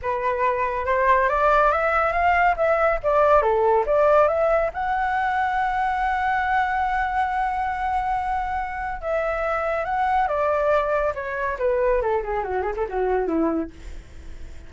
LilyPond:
\new Staff \with { instrumentName = "flute" } { \time 4/4 \tempo 4 = 140 b'2 c''4 d''4 | e''4 f''4 e''4 d''4 | a'4 d''4 e''4 fis''4~ | fis''1~ |
fis''1~ | fis''4 e''2 fis''4 | d''2 cis''4 b'4 | a'8 gis'8 fis'8 gis'16 a'16 fis'4 e'4 | }